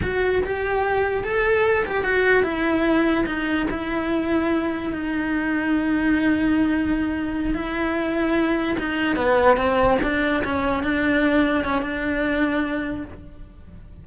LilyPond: \new Staff \with { instrumentName = "cello" } { \time 4/4 \tempo 4 = 147 fis'4 g'2 a'4~ | a'8 g'8 fis'4 e'2 | dis'4 e'2. | dis'1~ |
dis'2~ dis'8 e'4.~ | e'4. dis'4 b4 c'8~ | c'8 d'4 cis'4 d'4.~ | d'8 cis'8 d'2. | }